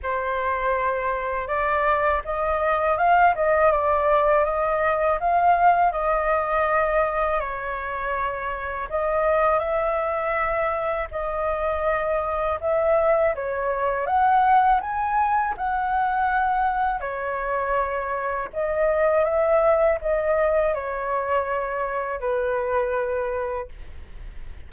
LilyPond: \new Staff \with { instrumentName = "flute" } { \time 4/4 \tempo 4 = 81 c''2 d''4 dis''4 | f''8 dis''8 d''4 dis''4 f''4 | dis''2 cis''2 | dis''4 e''2 dis''4~ |
dis''4 e''4 cis''4 fis''4 | gis''4 fis''2 cis''4~ | cis''4 dis''4 e''4 dis''4 | cis''2 b'2 | }